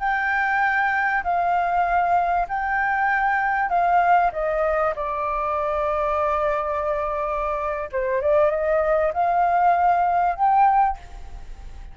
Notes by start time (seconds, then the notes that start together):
0.00 G5
1.24 F5
2.49 G5
3.69 F5
4.33 D#5
4.96 D5
7.93 C5
8.22 D5
8.51 D#5
9.14 F5
10.36 G5